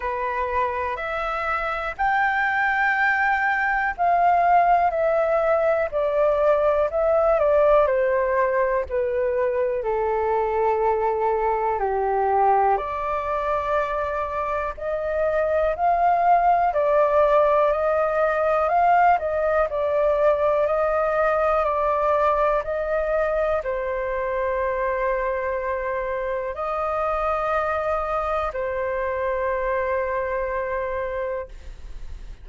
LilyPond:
\new Staff \with { instrumentName = "flute" } { \time 4/4 \tempo 4 = 61 b'4 e''4 g''2 | f''4 e''4 d''4 e''8 d''8 | c''4 b'4 a'2 | g'4 d''2 dis''4 |
f''4 d''4 dis''4 f''8 dis''8 | d''4 dis''4 d''4 dis''4 | c''2. dis''4~ | dis''4 c''2. | }